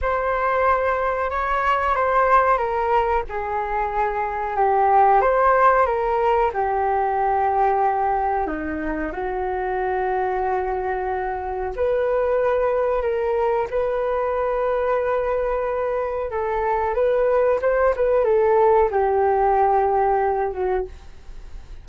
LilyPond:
\new Staff \with { instrumentName = "flute" } { \time 4/4 \tempo 4 = 92 c''2 cis''4 c''4 | ais'4 gis'2 g'4 | c''4 ais'4 g'2~ | g'4 dis'4 fis'2~ |
fis'2 b'2 | ais'4 b'2.~ | b'4 a'4 b'4 c''8 b'8 | a'4 g'2~ g'8 fis'8 | }